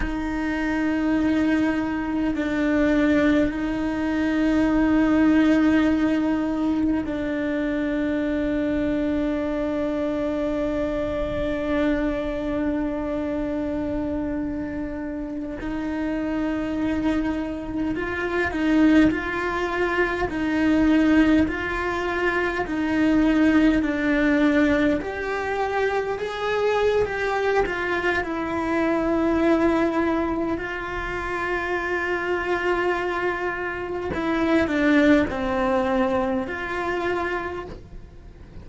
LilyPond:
\new Staff \with { instrumentName = "cello" } { \time 4/4 \tempo 4 = 51 dis'2 d'4 dis'4~ | dis'2 d'2~ | d'1~ | d'4~ d'16 dis'2 f'8 dis'16~ |
dis'16 f'4 dis'4 f'4 dis'8.~ | dis'16 d'4 g'4 gis'8. g'8 f'8 | e'2 f'2~ | f'4 e'8 d'8 c'4 f'4 | }